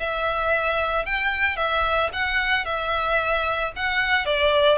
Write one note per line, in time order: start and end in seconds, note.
0.00 1.06 E5
1.06 1.57 G5
1.57 2.10 E5
2.13 2.66 F#5
2.66 3.73 E5
3.76 4.26 F#5
4.26 4.78 D5